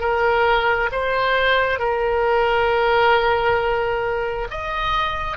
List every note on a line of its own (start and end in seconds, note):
0.00 0.90 A#4
0.92 1.79 C5
1.79 4.48 A#4
4.51 5.37 D#5